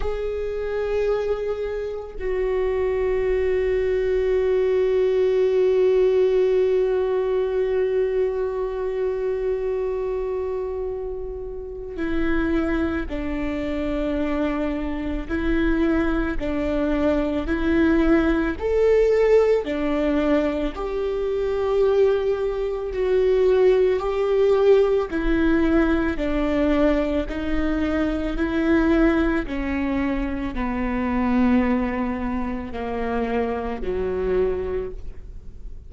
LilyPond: \new Staff \with { instrumentName = "viola" } { \time 4/4 \tempo 4 = 55 gis'2 fis'2~ | fis'1~ | fis'2. e'4 | d'2 e'4 d'4 |
e'4 a'4 d'4 g'4~ | g'4 fis'4 g'4 e'4 | d'4 dis'4 e'4 cis'4 | b2 ais4 fis4 | }